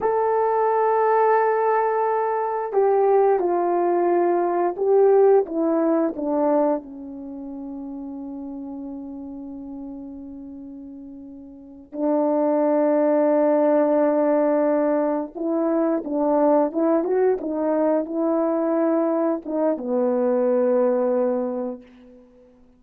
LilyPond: \new Staff \with { instrumentName = "horn" } { \time 4/4 \tempo 4 = 88 a'1 | g'4 f'2 g'4 | e'4 d'4 cis'2~ | cis'1~ |
cis'4. d'2~ d'8~ | d'2~ d'8 e'4 d'8~ | d'8 e'8 fis'8 dis'4 e'4.~ | e'8 dis'8 b2. | }